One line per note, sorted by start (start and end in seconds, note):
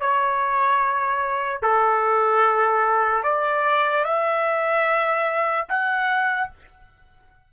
0.00 1.62 C#5
1.62 3.23 A4
3.23 4.04 D5
4.04 5.66 E5
5.69 6.50 F#5